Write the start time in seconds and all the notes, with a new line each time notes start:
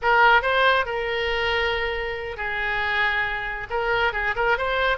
0.02 A#4
0.42 C5
0.85 A#4
2.37 G#4
3.70 A#4
4.13 G#4
4.35 A#4
4.57 C5